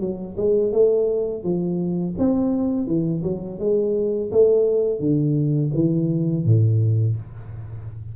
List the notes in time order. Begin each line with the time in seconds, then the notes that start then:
0.00 F#3
0.37 G#3
0.72 A3
1.43 F3
2.18 C4
2.86 E3
3.23 F#3
3.59 G#3
4.31 A3
4.99 D3
5.74 E3
6.45 A2